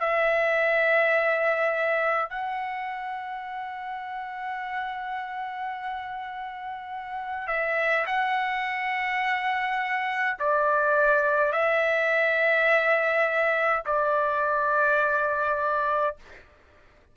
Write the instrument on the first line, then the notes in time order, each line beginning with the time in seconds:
trumpet
0.00 E5
2.30 F#5
7.47 E5
8.07 F#5
10.40 D5
11.53 E5
13.86 D5